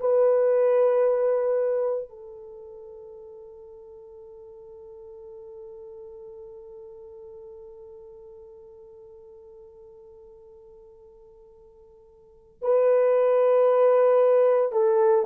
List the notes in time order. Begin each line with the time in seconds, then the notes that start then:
0.00 B4
2.09 A4
12.62 B4
14.72 A4